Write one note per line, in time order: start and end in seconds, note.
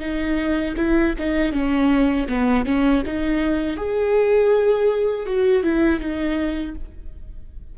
0.00 0.75 D#4
0.77 1.15 E4
1.19 1.53 D#4
1.53 2.28 C#4
2.29 2.66 B3
2.66 3.03 C#4
3.06 3.77 D#4
3.77 5.27 G#4
5.27 5.64 F#4
5.64 6.00 E4
6.00 6.75 D#4